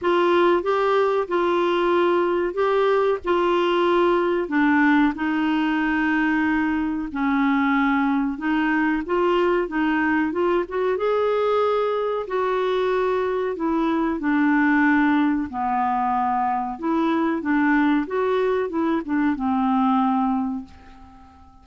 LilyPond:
\new Staff \with { instrumentName = "clarinet" } { \time 4/4 \tempo 4 = 93 f'4 g'4 f'2 | g'4 f'2 d'4 | dis'2. cis'4~ | cis'4 dis'4 f'4 dis'4 |
f'8 fis'8 gis'2 fis'4~ | fis'4 e'4 d'2 | b2 e'4 d'4 | fis'4 e'8 d'8 c'2 | }